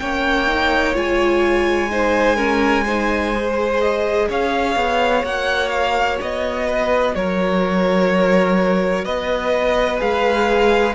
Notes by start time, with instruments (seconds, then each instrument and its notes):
0.00 cello A#3, viola C#4, violin C#5 G5
0.48 viola D#4
0.95 cello G#3, viola F4, violin G#5
1.90 viola D#4, violin C5
2.36 viola C#4, violin A#4
2.85 viola D#4, violin C5
3.35 viola G#4
3.81 violin D#5
4.30 cello C#4, violin C#5 F5
4.76 cello B3
5.24 cello A#3, viola F#4, violin F#5
5.70 violin F5
6.21 cello B3, violin D#5
6.67 violin B4
7.15 cello F#3, violin A#4 C#5
9.05 cello B3, violin B4 D#5
9.99 cello G#3, viola G#4, violin F5